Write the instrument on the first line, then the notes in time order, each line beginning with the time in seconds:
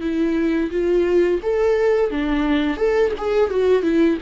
viola
0.00 E4
0.70 F4
1.42 A4
2.10 D4
2.77 A4
3.17 G#4
3.50 F#4
3.82 E4